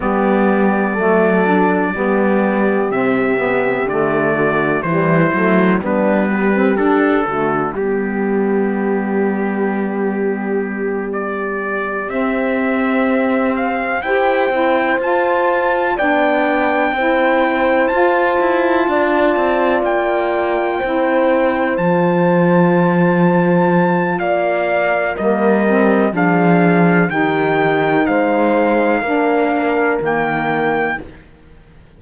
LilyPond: <<
  \new Staff \with { instrumentName = "trumpet" } { \time 4/4 \tempo 4 = 62 d''2. e''4 | d''4 c''4 b'4 a'4 | g'2.~ g'8 d''8~ | d''8 e''4. f''8 g''4 a''8~ |
a''8 g''2 a''4.~ | a''8 g''2 a''4.~ | a''4 f''4 dis''4 f''4 | g''4 f''2 g''4 | }
  \new Staff \with { instrumentName = "horn" } { \time 4/4 g'4 a'4 g'2~ | g'8 fis'8 e'4 d'8 g'4 fis'8 | g'1~ | g'2~ g'8 c''4.~ |
c''8 d''4 c''2 d''8~ | d''4. c''2~ c''8~ | c''4 d''4 ais'4 gis'4 | g'4 c''4 ais'2 | }
  \new Staff \with { instrumentName = "saxophone" } { \time 4/4 b4 a8 d'8 b4 c'8 b8 | a4 g8 a8 b8. c'16 d'8 a8 | b1~ | b8 c'2 g'8 e'8 f'8~ |
f'8 d'4 e'4 f'4.~ | f'4. e'4 f'4.~ | f'2 ais8 c'8 d'4 | dis'2 d'4 ais4 | }
  \new Staff \with { instrumentName = "cello" } { \time 4/4 g4 fis4 g4 c4 | d4 e8 fis8 g4 d'8 d8 | g1~ | g8 c'2 e'8 c'8 f'8~ |
f'8 b4 c'4 f'8 e'8 d'8 | c'8 ais4 c'4 f4.~ | f4 ais4 g4 f4 | dis4 gis4 ais4 dis4 | }
>>